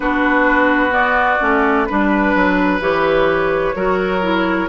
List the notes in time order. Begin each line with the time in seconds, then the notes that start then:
0.00 B3 D4 F#4 B4
0.90 B3 D5
1.39 A3 C#4
1.85 G3 D4 B4
2.35 F#3
2.79 E3 G4 C#5
3.75 F#3 F#4 A#4
4.21 E4